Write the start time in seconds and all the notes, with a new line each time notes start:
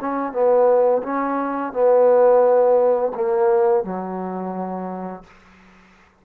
0.00 C#4
0.32 B3
1.02 C#4
1.73 B3
3.14 A#3
3.84 F#3